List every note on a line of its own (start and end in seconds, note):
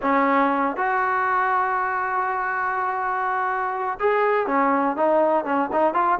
0.02 0.76 C#4
0.76 3.98 F#4
3.99 4.46 G#4
4.46 4.96 C#4
4.96 5.44 D#4
5.44 5.69 C#4
5.72 5.93 D#4
5.93 6.18 F4